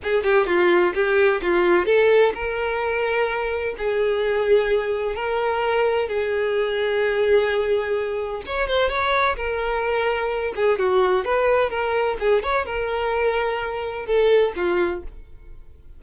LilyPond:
\new Staff \with { instrumentName = "violin" } { \time 4/4 \tempo 4 = 128 gis'8 g'8 f'4 g'4 f'4 | a'4 ais'2. | gis'2. ais'4~ | ais'4 gis'2.~ |
gis'2 cis''8 c''8 cis''4 | ais'2~ ais'8 gis'8 fis'4 | b'4 ais'4 gis'8 cis''8 ais'4~ | ais'2 a'4 f'4 | }